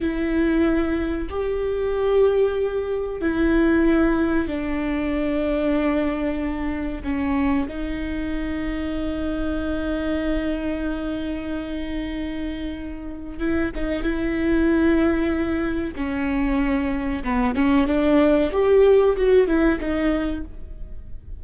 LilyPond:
\new Staff \with { instrumentName = "viola" } { \time 4/4 \tempo 4 = 94 e'2 g'2~ | g'4 e'2 d'4~ | d'2. cis'4 | dis'1~ |
dis'1~ | dis'4 e'8 dis'8 e'2~ | e'4 cis'2 b8 cis'8 | d'4 g'4 fis'8 e'8 dis'4 | }